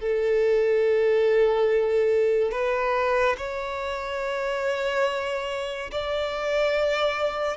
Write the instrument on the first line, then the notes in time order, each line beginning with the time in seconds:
violin
0.00 A4
2.51 B4
3.37 C#5
5.91 D5